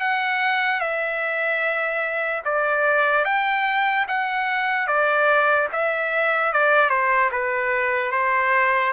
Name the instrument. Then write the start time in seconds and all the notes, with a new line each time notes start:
trumpet
0.00 F#5
0.80 E5
2.45 D5
3.25 G5
4.08 F#5
4.87 D5
5.72 E5
6.53 D5
6.89 C5
7.31 B4
8.11 C5